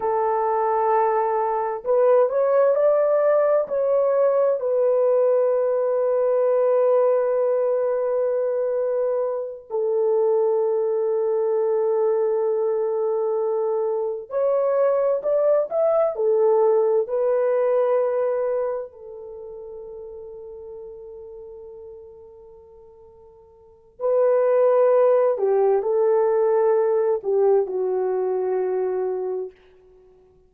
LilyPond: \new Staff \with { instrumentName = "horn" } { \time 4/4 \tempo 4 = 65 a'2 b'8 cis''8 d''4 | cis''4 b'2.~ | b'2~ b'8 a'4.~ | a'2.~ a'8 cis''8~ |
cis''8 d''8 e''8 a'4 b'4.~ | b'8 a'2.~ a'8~ | a'2 b'4. g'8 | a'4. g'8 fis'2 | }